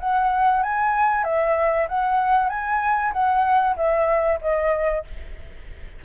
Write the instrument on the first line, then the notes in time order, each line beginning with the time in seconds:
flute
0.00 F#5
0.63 G#5
1.24 E5
1.89 F#5
2.49 G#5
3.13 F#5
3.76 E5
4.41 D#5